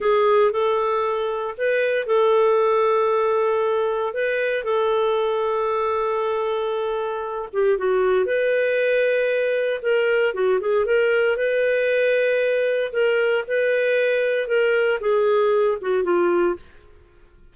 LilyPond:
\new Staff \with { instrumentName = "clarinet" } { \time 4/4 \tempo 4 = 116 gis'4 a'2 b'4 | a'1 | b'4 a'2.~ | a'2~ a'8 g'8 fis'4 |
b'2. ais'4 | fis'8 gis'8 ais'4 b'2~ | b'4 ais'4 b'2 | ais'4 gis'4. fis'8 f'4 | }